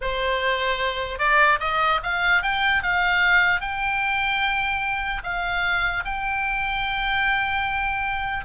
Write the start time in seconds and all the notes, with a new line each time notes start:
0.01 C5
1.18 D5
1.60 D#5
2.03 F5
2.42 G5
2.82 F5
3.60 G5
5.23 F5
6.04 G5